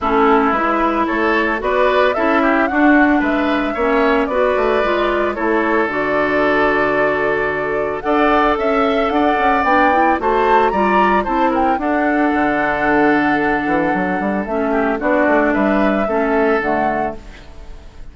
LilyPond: <<
  \new Staff \with { instrumentName = "flute" } { \time 4/4 \tempo 4 = 112 a'4 b'4 cis''4 d''4 | e''4 fis''4 e''2 | d''2 cis''4 d''4~ | d''2. fis''4 |
e''4 fis''4 g''4 a''4 | ais''4 a''8 g''8 fis''2~ | fis''2. e''4 | d''4 e''2 fis''4 | }
  \new Staff \with { instrumentName = "oboe" } { \time 4/4 e'2 a'4 b'4 | a'8 g'8 fis'4 b'4 cis''4 | b'2 a'2~ | a'2. d''4 |
e''4 d''2 c''4 | d''4 c''8 ais'8 a'2~ | a'2.~ a'8 g'8 | fis'4 b'4 a'2 | }
  \new Staff \with { instrumentName = "clarinet" } { \time 4/4 cis'4 e'2 fis'4 | e'4 d'2 cis'4 | fis'4 f'4 e'4 fis'4~ | fis'2. a'4~ |
a'2 d'8 e'8 fis'4 | f'4 e'4 d'2~ | d'2. cis'4 | d'2 cis'4 a4 | }
  \new Staff \with { instrumentName = "bassoon" } { \time 4/4 a4 gis4 a4 b4 | cis'4 d'4 gis4 ais4 | b8 a8 gis4 a4 d4~ | d2. d'4 |
cis'4 d'8 cis'8 b4 a4 | g4 c'4 d'4 d4~ | d4. e8 fis8 g8 a4 | b8 a8 g4 a4 d4 | }
>>